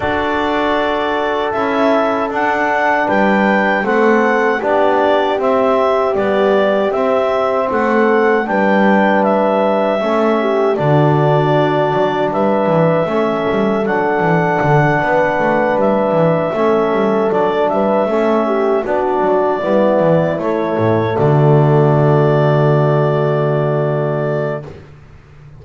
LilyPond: <<
  \new Staff \with { instrumentName = "clarinet" } { \time 4/4 \tempo 4 = 78 d''2 e''4 fis''4 | g''4 fis''4 d''4 e''4 | d''4 e''4 fis''4 g''4 | e''2 d''2 |
e''2 fis''2~ | fis''8 e''2 d''8 e''4~ | e''8 d''2 cis''4 d''8~ | d''1 | }
  \new Staff \with { instrumentName = "horn" } { \time 4/4 a'1 | b'4 a'4 g'2~ | g'2 a'4 b'4~ | b'4 a'8 g'8 fis'2 |
b'4 a'2~ a'8 b'8~ | b'4. a'4. b'8 a'8 | g'8 fis'4 e'2 fis'8~ | fis'1 | }
  \new Staff \with { instrumentName = "trombone" } { \time 4/4 fis'2 e'4 d'4~ | d'4 c'4 d'4 c'4 | g4 c'2 d'4~ | d'4 cis'4 d'2~ |
d'4 cis'4 d'2~ | d'4. cis'4 d'4 cis'8~ | cis'8 d'4 b4 a4.~ | a1 | }
  \new Staff \with { instrumentName = "double bass" } { \time 4/4 d'2 cis'4 d'4 | g4 a4 b4 c'4 | b4 c'4 a4 g4~ | g4 a4 d4. fis8 |
g8 e8 a8 g8 fis8 e8 d8 b8 | a8 g8 e8 a8 g8 fis8 g8 a8~ | a8 b8 fis8 g8 e8 a8 a,8 d8~ | d1 | }
>>